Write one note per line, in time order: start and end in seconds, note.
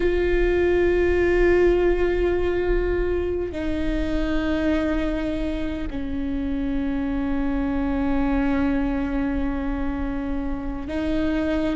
0.00 3.52 F4
3.52 5.87 D#4
5.90 10.88 C#4
10.88 11.75 D#4